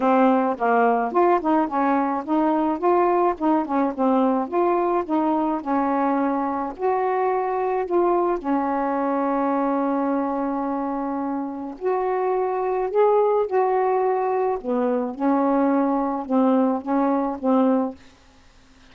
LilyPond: \new Staff \with { instrumentName = "saxophone" } { \time 4/4 \tempo 4 = 107 c'4 ais4 f'8 dis'8 cis'4 | dis'4 f'4 dis'8 cis'8 c'4 | f'4 dis'4 cis'2 | fis'2 f'4 cis'4~ |
cis'1~ | cis'4 fis'2 gis'4 | fis'2 b4 cis'4~ | cis'4 c'4 cis'4 c'4 | }